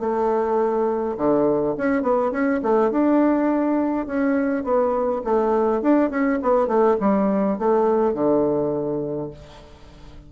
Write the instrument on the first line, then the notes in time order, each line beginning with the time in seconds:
bassoon
0.00 A3
1.18 D3
1.78 C#4
2.03 B3
2.32 C#4
2.63 A3
2.91 D4
4.07 C#4
4.64 B3
5.25 A3
5.82 D4
6.11 C#4
6.43 B3
6.68 A3
7.01 G3
7.59 A3
8.14 D3